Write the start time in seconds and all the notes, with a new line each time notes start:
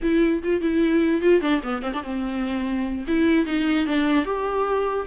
0.02 E4
0.43 F4
0.61 E4
1.21 F4
1.41 D4
1.63 B3
1.82 C4
1.93 D4
2.03 C4
3.07 E4
3.46 D#4
3.86 D4
4.25 G4